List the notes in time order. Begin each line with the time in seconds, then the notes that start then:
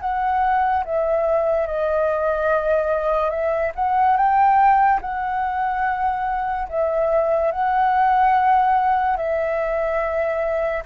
0.00 F#5
0.84 E5
1.67 D#5
3.30 E5
3.75 F#5
4.16 G5
5.01 F#5
6.68 E5
7.51 F#5
9.16 E5